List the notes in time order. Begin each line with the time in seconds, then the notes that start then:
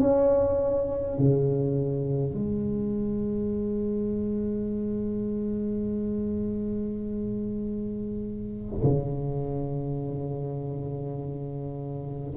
0.00 C#4
1.18 C#3
2.34 G#3
8.83 C#3